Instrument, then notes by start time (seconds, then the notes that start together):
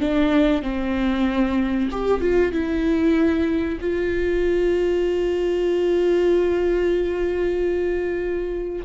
viola
0.00 D4
0.62 C4
1.91 G4
2.20 F4
2.52 E4
3.81 F4